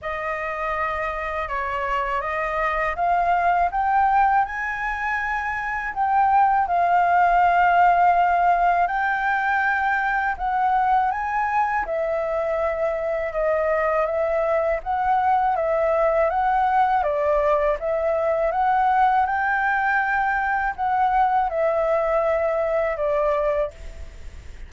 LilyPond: \new Staff \with { instrumentName = "flute" } { \time 4/4 \tempo 4 = 81 dis''2 cis''4 dis''4 | f''4 g''4 gis''2 | g''4 f''2. | g''2 fis''4 gis''4 |
e''2 dis''4 e''4 | fis''4 e''4 fis''4 d''4 | e''4 fis''4 g''2 | fis''4 e''2 d''4 | }